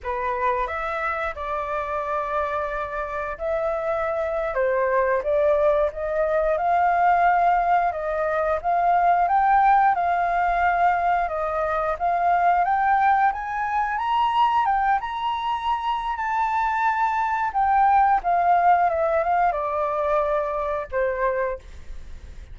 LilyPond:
\new Staff \with { instrumentName = "flute" } { \time 4/4 \tempo 4 = 89 b'4 e''4 d''2~ | d''4 e''4.~ e''16 c''4 d''16~ | d''8. dis''4 f''2 dis''16~ | dis''8. f''4 g''4 f''4~ f''16~ |
f''8. dis''4 f''4 g''4 gis''16~ | gis''8. ais''4 g''8 ais''4.~ ais''16 | a''2 g''4 f''4 | e''8 f''8 d''2 c''4 | }